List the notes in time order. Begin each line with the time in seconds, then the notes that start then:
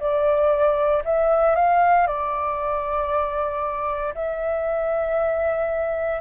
0.00 D5
1.04 E5
1.56 F5
2.07 D5
4.15 E5